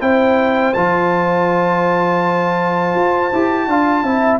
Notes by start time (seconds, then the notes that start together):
0.00 C4 E4 C5 G5
0.73 F3 F4 A5
2.95 F4
3.33 E4 G4
3.67 D4 F4 F5
4.03 C4 E4 E5